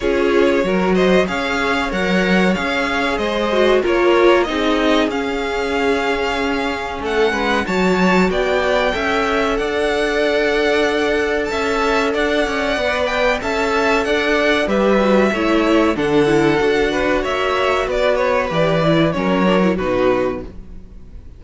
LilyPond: <<
  \new Staff \with { instrumentName = "violin" } { \time 4/4 \tempo 4 = 94 cis''4. dis''8 f''4 fis''4 | f''4 dis''4 cis''4 dis''4 | f''2. fis''4 | a''4 g''2 fis''4~ |
fis''2 a''4 fis''4~ | fis''8 g''8 a''4 fis''4 e''4~ | e''4 fis''2 e''4 | d''8 cis''8 d''4 cis''4 b'4 | }
  \new Staff \with { instrumentName = "violin" } { \time 4/4 gis'4 ais'8 c''8 cis''2~ | cis''4 c''4 ais'4 gis'4~ | gis'2. a'8 b'8 | cis''4 d''4 e''4 d''4~ |
d''2 e''4 d''4~ | d''4 e''4 d''4 b'4 | cis''4 a'4. b'8 cis''4 | b'2 ais'4 fis'4 | }
  \new Staff \with { instrumentName = "viola" } { \time 4/4 f'4 fis'4 gis'4 ais'4 | gis'4. fis'8 f'4 dis'4 | cis'1 | fis'2 a'2~ |
a'1 | b'4 a'2 g'8 fis'8 | e'4 d'8 e'8 fis'2~ | fis'4 g'8 e'8 cis'8 d'16 e'16 dis'4 | }
  \new Staff \with { instrumentName = "cello" } { \time 4/4 cis'4 fis4 cis'4 fis4 | cis'4 gis4 ais4 c'4 | cis'2. a8 gis8 | fis4 b4 cis'4 d'4~ |
d'2 cis'4 d'8 cis'8 | b4 cis'4 d'4 g4 | a4 d4 d'4 ais4 | b4 e4 fis4 b,4 | }
>>